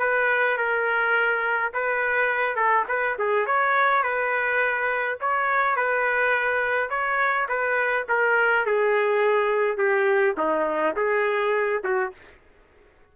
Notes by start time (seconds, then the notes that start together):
0.00 B4
0.58 A#4
1.74 B4
2.56 A4
2.89 B4
3.19 G#4
3.47 C#5
4.04 B4
5.21 C#5
5.77 B4
6.90 C#5
7.49 B4
8.09 A#4
8.66 G#4
9.78 G4
10.38 D#4
10.97 G#4
11.84 F#4